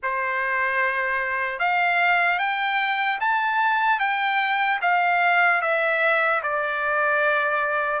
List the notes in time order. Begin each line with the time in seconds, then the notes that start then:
0.02 C5
1.59 F5
2.38 G5
3.20 A5
3.99 G5
4.81 F5
5.61 E5
6.43 D5